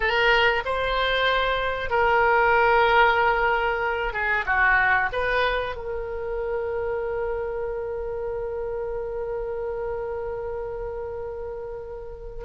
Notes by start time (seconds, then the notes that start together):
0.00 A#4
0.65 C5
1.90 A#4
4.13 G#4
4.45 F#4
5.12 B4
5.75 A#4